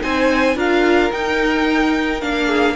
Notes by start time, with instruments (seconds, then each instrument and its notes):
0.00 cello C4, viola D#4, violin C5 G#5
0.55 cello D4, viola F4, violin A#4 F5
1.11 viola D#4, cello D#4, violin G5
2.21 cello A#3, viola D4, violin F5
2.46 violin G#4